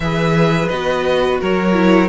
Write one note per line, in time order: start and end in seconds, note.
0.00 0.67 E3
0.00 0.72 G#4
0.00 1.40 B4
0.00 0.68 E5
0.68 1.41 B3
0.68 1.73 F#4
0.68 1.38 D#5
1.40 2.08 F#3
1.40 2.08 A#4
1.40 2.08 C#5
1.73 2.08 E4